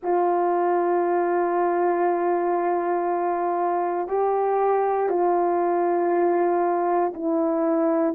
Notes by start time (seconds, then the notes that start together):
0.02 F4
4.07 G4
5.09 F4
7.14 E4